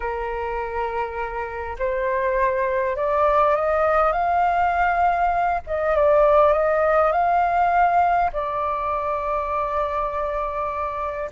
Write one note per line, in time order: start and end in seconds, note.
0.00 1.76 A#4
1.78 2.96 C5
2.96 3.55 D5
3.55 4.12 D#5
4.12 5.61 F5
5.67 5.95 D#5
5.95 6.52 D5
6.52 7.12 D#5
7.12 8.30 F5
8.32 11.30 D5